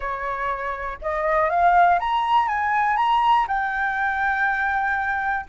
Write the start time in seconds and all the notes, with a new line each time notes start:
0.00 C#5
1.01 D#5
1.49 F5
1.99 A#5
2.48 G#5
2.96 A#5
3.47 G5